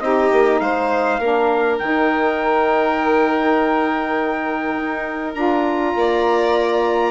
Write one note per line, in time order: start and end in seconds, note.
0.00 0.30 C4
0.00 1.20 D#4
0.00 0.62 G4
0.00 0.59 D#5
0.32 0.60 A#3
0.60 1.19 G#3
0.60 1.19 C5
0.60 1.78 F5
1.19 1.78 A#3
1.19 1.80 D4
1.19 5.95 A#4
1.78 4.75 D#3
1.78 5.35 D#4
1.78 5.34 G5
4.75 5.35 D#4
5.34 5.94 D4
5.34 7.11 F4
5.34 7.11 A#5
5.95 7.11 A#3
5.95 7.11 D5